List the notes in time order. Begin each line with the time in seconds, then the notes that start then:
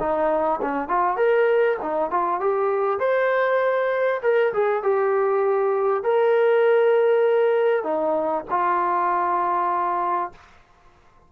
0.00 D#4
0.62 C#4
0.88 F4
1.17 A#4
1.82 D#4
2.11 F4
2.41 G4
3.00 C5
4.23 A#4
4.54 G#4
4.83 G4
6.04 A#4
7.84 D#4
8.50 F4